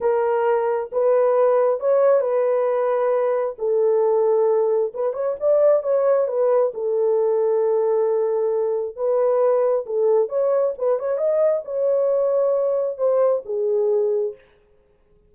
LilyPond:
\new Staff \with { instrumentName = "horn" } { \time 4/4 \tempo 4 = 134 ais'2 b'2 | cis''4 b'2. | a'2. b'8 cis''8 | d''4 cis''4 b'4 a'4~ |
a'1 | b'2 a'4 cis''4 | b'8 cis''8 dis''4 cis''2~ | cis''4 c''4 gis'2 | }